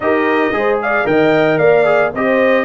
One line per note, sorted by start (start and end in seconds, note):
0.00 0.51 D#4
0.00 0.53 G4
0.00 0.56 A#4
0.00 0.78 D#5
0.51 1.05 G#3
0.51 1.04 G#4
0.51 0.82 C5
0.82 1.09 D5
0.82 1.06 F5
1.04 1.58 D#3
1.04 1.85 A#4
1.04 1.58 D#5
1.04 1.58 G5
1.58 2.12 A#3
1.58 2.12 D5
1.58 2.11 F5
1.85 2.11 G#4
2.13 2.65 C4
2.13 2.65 G4
2.13 2.65 C5
2.13 2.65 D#5